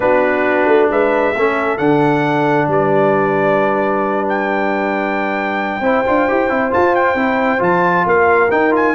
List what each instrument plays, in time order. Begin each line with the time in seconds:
0.00 tuba B3, trombone D4, horn F#4, trumpet B4
0.66 tuba A3
0.89 tuba G#3, horn B4, trumpet E5
1.35 tuba A3, trombone C#4, horn A4
1.77 tuba D3, trombone D4, trumpet F#5
2.67 tuba G3, horn B4, trumpet D5
4.28 trumpet G5
5.80 tuba C4, trombone E4, horn C5
6.06 tuba D4, trombone F4
6.28 tuba E4, trombone G4
6.49 tuba C4, trombone E4
6.70 trombone F4, tuba F4, trumpet A5
6.95 trumpet G5
7.14 tuba C4, trombone E4
7.58 tuba F3, trombone F4, trumpet A5
8.06 tuba A#3, horn A#4, trumpet F5
8.50 trombone D#4, tuba D#4, trumpet G5
8.71 trombone F4, trumpet G#5